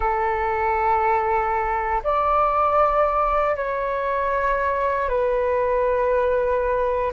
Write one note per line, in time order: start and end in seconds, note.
0.00 2.02 A4
2.03 3.56 D5
3.56 5.08 C#5
5.08 7.12 B4